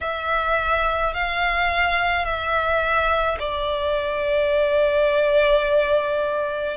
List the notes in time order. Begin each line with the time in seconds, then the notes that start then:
0.00 E5
1.14 F5
2.24 E5
3.39 D5